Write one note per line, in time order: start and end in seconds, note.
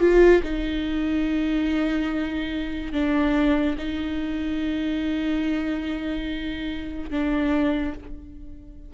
0.00 0.42 F4
0.43 2.93 D#4
2.93 3.76 D4
3.78 7.11 D#4
7.11 7.94 D4